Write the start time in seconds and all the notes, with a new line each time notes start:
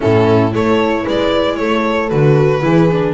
0.00 A2 C#4 E4 A4
0.51 A3 E4 A4 C#5
1.03 G#3 B4 D5
1.56 A3 A4 C#5
2.09 D3 F#4 B4
2.62 E3 E4 G#4
2.92 D4